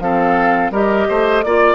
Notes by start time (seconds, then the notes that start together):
0.00 F3 C4 A4 F5
0.71 G3 G4 A#4 D#5
1.09 A3 C5
1.43 A#3 F4 D5